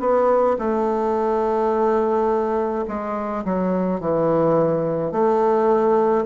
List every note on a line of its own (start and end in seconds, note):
0.00 0.57 B3
0.58 2.85 A3
2.88 3.44 G#3
3.45 4.00 F#3
4.00 5.12 E3
5.12 6.25 A3